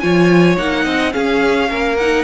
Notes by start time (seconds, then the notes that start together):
0.00 F3 F4 C#5 G#5
0.57 A#3 D#4 F#5
0.85 C4 D#5
1.12 C#4 G#4 F5
1.70 A#3 A#4
1.97 D#4 F#5